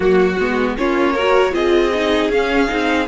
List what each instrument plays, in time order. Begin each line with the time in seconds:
0.00 cello F#3, viola A#3, violin F#4
0.38 cello G#3, viola B3
0.77 cello A#3, viola C#4, violin F4 C#5
1.13 viola F#4, violin A#4
1.51 cello C4, viola F4, violin G#4 D#5
1.93 viola D#4
2.29 cello C#4, viola C#4, violin F5
2.67 cello C4, viola D#4